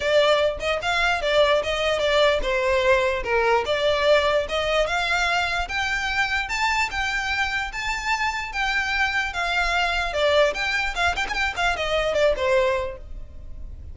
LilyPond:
\new Staff \with { instrumentName = "violin" } { \time 4/4 \tempo 4 = 148 d''4. dis''8 f''4 d''4 | dis''4 d''4 c''2 | ais'4 d''2 dis''4 | f''2 g''2 |
a''4 g''2 a''4~ | a''4 g''2 f''4~ | f''4 d''4 g''4 f''8 g''16 gis''16 | g''8 f''8 dis''4 d''8 c''4. | }